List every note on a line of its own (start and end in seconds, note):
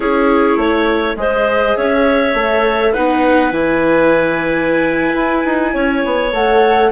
0.00 0.56 C#4
0.00 1.16 E4
0.00 0.58 G#4
0.00 1.14 C#5
0.56 1.15 A3
0.56 1.17 C#5
1.16 1.74 G#3
1.16 2.35 G#4
1.16 1.77 C5
1.16 1.77 D#5
1.77 2.33 C#4
1.77 2.92 C#5
1.77 2.93 E5
2.33 2.92 A3
2.33 2.94 A4
2.92 3.51 B3
2.92 3.51 D#4
2.92 5.71 B4
2.92 3.52 F#5
3.51 5.13 E3
3.51 6.31 E4
3.51 6.32 G#5
5.14 5.43 E4
5.45 5.74 D#4
5.73 6.03 C#4
5.73 6.90 C#5
6.04 6.32 B3
6.32 6.91 A3
6.32 6.91 A4
6.32 6.91 F#5